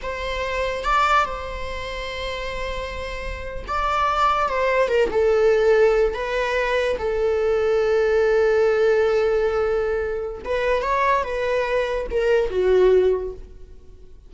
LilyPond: \new Staff \with { instrumentName = "viola" } { \time 4/4 \tempo 4 = 144 c''2 d''4 c''4~ | c''1~ | c''8. d''2 c''4 ais'16~ | ais'16 a'2~ a'8 b'4~ b'16~ |
b'8. a'2.~ a'16~ | a'1~ | a'4 b'4 cis''4 b'4~ | b'4 ais'4 fis'2 | }